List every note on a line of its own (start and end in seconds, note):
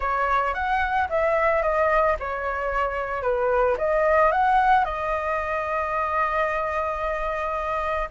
0.00 0.54 C#5
0.54 1.08 F#5
1.09 1.62 E5
1.62 2.16 D#5
2.19 3.22 C#5
3.22 3.76 B4
3.77 4.31 D#5
4.31 4.84 F#5
4.84 8.09 D#5